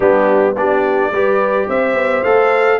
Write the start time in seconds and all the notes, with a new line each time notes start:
0.00 G3 B3 D4 G4
0.55 B3 D4 G4 D5
1.11 G3 G4 B4
1.68 C4 C5 E5
1.94 B3
2.23 A3 A4 F5